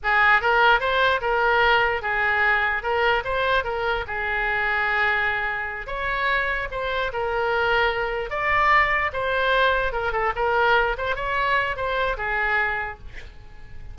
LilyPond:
\new Staff \with { instrumentName = "oboe" } { \time 4/4 \tempo 4 = 148 gis'4 ais'4 c''4 ais'4~ | ais'4 gis'2 ais'4 | c''4 ais'4 gis'2~ | gis'2~ gis'8 cis''4.~ |
cis''8 c''4 ais'2~ ais'8~ | ais'8 d''2 c''4.~ | c''8 ais'8 a'8 ais'4. c''8 cis''8~ | cis''4 c''4 gis'2 | }